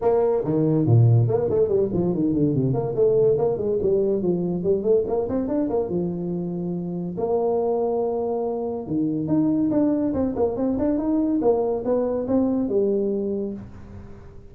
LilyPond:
\new Staff \with { instrumentName = "tuba" } { \time 4/4 \tempo 4 = 142 ais4 dis4 ais,4 ais8 a8 | g8 f8 dis8 d8 c8 ais8 a4 | ais8 gis8 g4 f4 g8 a8 | ais8 c'8 d'8 ais8 f2~ |
f4 ais2.~ | ais4 dis4 dis'4 d'4 | c'8 ais8 c'8 d'8 dis'4 ais4 | b4 c'4 g2 | }